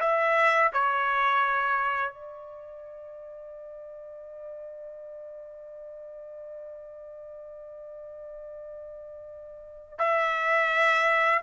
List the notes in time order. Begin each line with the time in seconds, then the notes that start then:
0.00 E5
0.72 C#5
2.13 D5
9.98 E5